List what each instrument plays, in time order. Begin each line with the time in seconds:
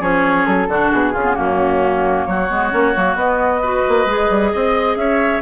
0.00 bassoon F3, clarinet C#4, oboe G#4, flute C#5
0.46 bassoon F#3, flute A4
0.69 bassoon D3, clarinet D4, oboe F#4
0.92 bassoon B2, flute G#4
1.13 bassoon C#3, clarinet C#4, oboe F4
1.25 clarinet B3
1.35 bassoon F#2, clarinet A#3, oboe C#4, flute F#4
2.26 bassoon F#3, oboe F#4, flute C#5
2.51 bassoon G#3, clarinet B3
2.71 bassoon A#3, clarinet C#4
2.94 bassoon F#3, clarinet A#3
3.16 bassoon B3, clarinet B3, flute D#5
3.62 clarinet F#4, oboe B4
3.89 bassoon A#3
4.06 bassoon G#3, clarinet G#4
4.30 bassoon G3
4.53 bassoon C4, oboe D#5
4.97 bassoon C#4, oboe C#5, flute E5